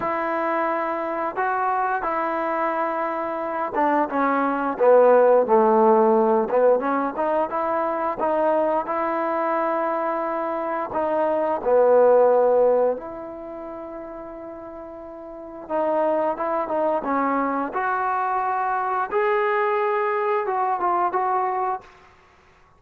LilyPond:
\new Staff \with { instrumentName = "trombone" } { \time 4/4 \tempo 4 = 88 e'2 fis'4 e'4~ | e'4. d'8 cis'4 b4 | a4. b8 cis'8 dis'8 e'4 | dis'4 e'2. |
dis'4 b2 e'4~ | e'2. dis'4 | e'8 dis'8 cis'4 fis'2 | gis'2 fis'8 f'8 fis'4 | }